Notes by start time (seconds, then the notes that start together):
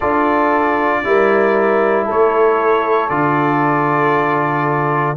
0.00 D4 F4 A4 D5
1.03 G3 E4 A#4
2.05 A3 A4 C#5
3.09 D3 F4 D5